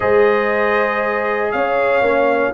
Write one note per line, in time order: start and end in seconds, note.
0.00 1.53 G#3
0.00 2.03 G#4
0.00 1.52 C5
0.00 1.51 D#5
1.51 2.01 C#4
1.51 2.54 C#5
1.51 2.53 F5
2.01 2.52 A#3
2.01 2.54 C#4